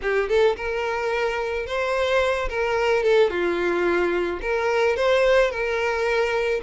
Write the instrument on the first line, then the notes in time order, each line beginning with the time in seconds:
violin
0.02 G4
0.28 A4
0.56 A#4
1.66 C5
2.49 A#4
3.03 A4
3.30 F4
4.41 A#4
4.96 C5
5.50 A#4